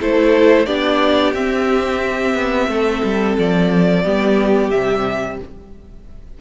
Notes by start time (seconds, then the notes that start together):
0.00 A3 E4 A4 C5
0.66 B3 D4 G4 D5
1.34 C4 E5
2.34 B3
2.68 A3 A4
3.04 G3
3.38 F3 D5
4.04 G3 B3 G4
4.70 C3 G3 E5